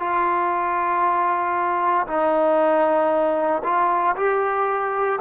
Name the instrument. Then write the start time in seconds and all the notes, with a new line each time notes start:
trombone
0.00 F4
2.07 D#4
3.64 F4
4.17 G4